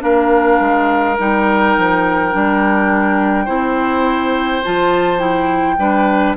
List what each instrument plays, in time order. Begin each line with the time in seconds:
0.00 bassoon A#3, clarinet D4, oboe A#4, flute F5
0.60 bassoon G#3
1.19 bassoon G3, clarinet D#4, flute G5
1.78 bassoon F3
2.32 bassoon G3, clarinet D4
3.45 bassoon C4, clarinet E4, oboe C5
4.65 bassoon F3, clarinet F4, flute A5
5.19 clarinet E4, flute G5
5.79 bassoon G3, clarinet D4, oboe B4